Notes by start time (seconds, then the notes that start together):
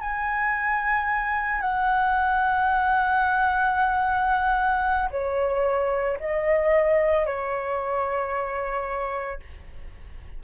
0.00 G#5
1.61 F#5
5.11 C#5
6.20 D#5
7.26 C#5